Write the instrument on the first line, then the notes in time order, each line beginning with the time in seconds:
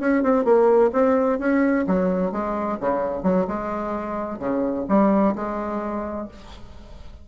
bassoon
0.00 C#4
0.23 C4
0.45 A#3
0.93 C4
1.39 C#4
1.87 F#3
2.32 G#3
2.80 C#3
3.23 F#3
3.48 G#3
4.39 C#3
4.89 G3
5.35 G#3